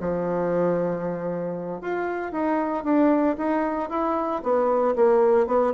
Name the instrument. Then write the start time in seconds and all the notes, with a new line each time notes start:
bassoon
0.00 F3
1.81 F4
2.32 D#4
2.84 D4
3.37 D#4
3.90 E4
4.43 B3
4.96 A#3
5.47 B3